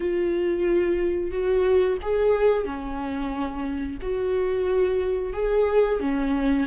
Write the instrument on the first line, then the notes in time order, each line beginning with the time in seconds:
viola
0.00 F4
1.31 F#4
2.02 G#4
2.65 C#4
4.02 F#4
5.33 G#4
6.00 C#4